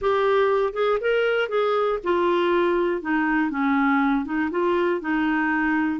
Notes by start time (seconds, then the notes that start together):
0.01 G4
0.73 G#4
1.00 A#4
1.48 G#4
2.03 F4
3.01 D#4
3.50 C#4
4.25 D#4
4.50 F4
5.00 D#4